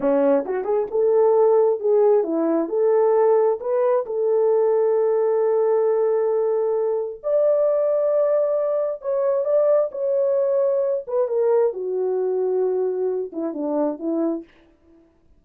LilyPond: \new Staff \with { instrumentName = "horn" } { \time 4/4 \tempo 4 = 133 cis'4 fis'8 gis'8 a'2 | gis'4 e'4 a'2 | b'4 a'2.~ | a'1 |
d''1 | cis''4 d''4 cis''2~ | cis''8 b'8 ais'4 fis'2~ | fis'4. e'8 d'4 e'4 | }